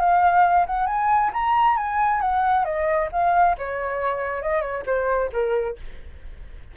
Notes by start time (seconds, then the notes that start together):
0.00 F5
0.67 F#5
0.87 G#5
1.33 A#5
1.77 G#5
2.21 F#5
2.65 D#5
3.12 F5
3.58 C#5
4.42 D#5
4.62 C#5
4.86 C5
5.33 A#4